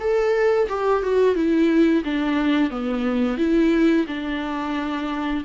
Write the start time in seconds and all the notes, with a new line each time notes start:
0.00 A4
0.69 G4
1.03 F#4
1.35 E4
2.04 D4
2.70 B3
3.37 E4
4.07 D4